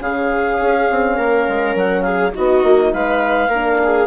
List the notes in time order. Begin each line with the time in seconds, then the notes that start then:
0.00 C#3 C#4 G#4 F5
0.61 C#4
0.91 C4
1.17 A#3 A#4
1.49 G#3
1.75 F#3 F#5
2.02 G#4 F5
2.32 B3 D#4 F#4 D#5
2.63 A#3
2.93 G#3 B4 F5
3.49 A#3 D4 A#4
3.84 G#4